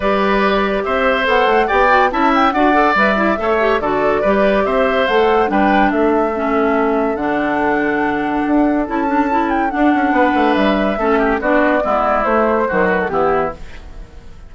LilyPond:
<<
  \new Staff \with { instrumentName = "flute" } { \time 4/4 \tempo 4 = 142 d''2 e''4 fis''4 | g''4 a''8 g''8 fis''4 e''4~ | e''4 d''2 e''4 | fis''4 g''4 e''2~ |
e''4 fis''2.~ | fis''4 a''4. g''8 fis''4~ | fis''4 e''2 d''4~ | d''4 c''4. b'16 a'16 g'4 | }
  \new Staff \with { instrumentName = "oboe" } { \time 4/4 b'2 c''2 | d''4 e''4 d''2 | cis''4 a'4 b'4 c''4~ | c''4 b'4 a'2~ |
a'1~ | a'1 | b'2 a'8 g'8 fis'4 | e'2 fis'4 e'4 | }
  \new Staff \with { instrumentName = "clarinet" } { \time 4/4 g'2. a'4 | g'8 fis'8 e'4 fis'8 a'8 b'8 e'8 | a'8 g'8 fis'4 g'2 | a'4 d'2 cis'4~ |
cis'4 d'2.~ | d'4 e'8 d'8 e'4 d'4~ | d'2 cis'4 d'4 | b4 a4 fis4 b4 | }
  \new Staff \with { instrumentName = "bassoon" } { \time 4/4 g2 c'4 b8 a8 | b4 cis'4 d'4 g4 | a4 d4 g4 c'4 | a4 g4 a2~ |
a4 d2. | d'4 cis'2 d'8 cis'8 | b8 a8 g4 a4 b4 | gis4 a4 dis4 e4 | }
>>